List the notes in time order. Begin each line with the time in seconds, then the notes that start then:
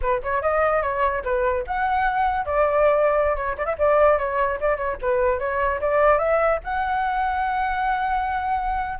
0.01 B4
0.22 C#5
0.42 D#5
0.82 C#5
1.24 B4
1.66 F#5
2.45 D5
3.35 C#5
3.57 D5
3.65 E5
3.78 D5
4.18 C#5
4.60 D5
4.76 C#5
5.01 B4
5.39 C#5
5.81 D5
6.18 E5
6.63 F#5